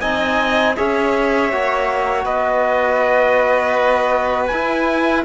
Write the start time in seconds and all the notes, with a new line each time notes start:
0.00 C4 D#4 D#5 G#5
0.76 C#4 G#4 C#5 E5
1.51 A#3 F#4
2.25 B3 B4 D#5
4.47 E4 G#5